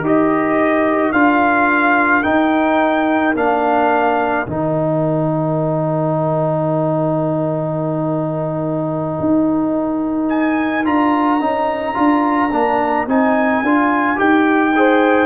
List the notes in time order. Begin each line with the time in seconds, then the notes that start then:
0.00 D#4 G4 A#4 D#5
1.12 D4 F4 F5
2.23 D#4 G5
3.34 A#3 D4 F5
4.46 D#3 D#4 G5
9.20 D#4
10.28 G#5
10.84 D4 F4 A#5
11.40 C#4 D#4
11.94 D4 F4
12.51 A#3 D4
13.06 C4 D#4 G#5
13.62 D4 F4
14.15 D#4 G4 G5
14.75 G#4 C5